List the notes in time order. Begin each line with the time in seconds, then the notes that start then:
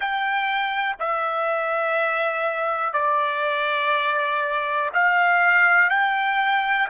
0.00 G5
0.99 E5
2.93 D5
4.94 F5
5.90 G5